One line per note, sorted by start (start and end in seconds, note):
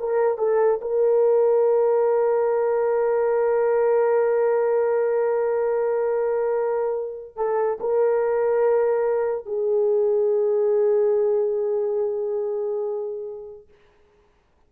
0.00 0.38 A#4
0.38 0.81 A4
0.82 7.37 A#4
7.37 7.79 A4
7.81 9.46 A#4
9.46 13.69 G#4